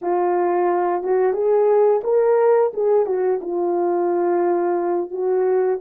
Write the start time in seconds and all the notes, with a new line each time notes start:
0.01 F4
1.03 F#4
1.33 G#4
2.03 A#4
2.73 G#4
3.06 F#4
3.41 F4
5.10 F#4